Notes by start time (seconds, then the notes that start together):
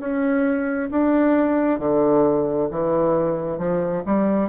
0.00 C#4
0.91 D4
1.80 D3
2.71 E3
3.58 F3
4.06 G3